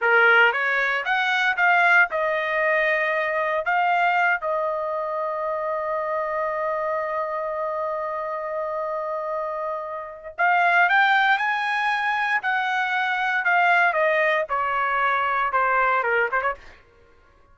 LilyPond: \new Staff \with { instrumentName = "trumpet" } { \time 4/4 \tempo 4 = 116 ais'4 cis''4 fis''4 f''4 | dis''2. f''4~ | f''8 dis''2.~ dis''8~ | dis''1~ |
dis''1 | f''4 g''4 gis''2 | fis''2 f''4 dis''4 | cis''2 c''4 ais'8 c''16 cis''16 | }